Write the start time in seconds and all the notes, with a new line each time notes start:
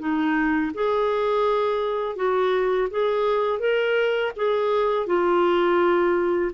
0.00 D#4
0.75 G#4
2.16 F#4
2.91 G#4
3.60 A#4
4.36 G#4
5.07 F4